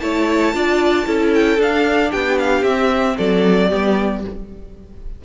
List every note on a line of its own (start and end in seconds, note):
0.00 0.54 A3
0.00 0.54 E4
0.00 0.55 C#5
0.00 1.32 A5
0.54 1.07 D4
0.54 1.05 F4
0.54 1.07 D5
1.05 1.59 C#4
1.05 1.58 E4
1.05 2.11 A4
1.35 1.61 G5
1.59 2.11 D4
1.59 2.65 D4
1.59 2.12 F5
2.11 2.63 B3
2.11 3.16 G4
2.11 2.38 G5
2.39 2.64 F5
2.63 3.15 C4
2.63 3.70 C4
2.63 3.17 E5
3.18 3.72 F#3
3.18 3.70 A4
3.18 4.24 D5
3.70 4.25 G3
3.70 4.23 B3
3.70 4.22 G4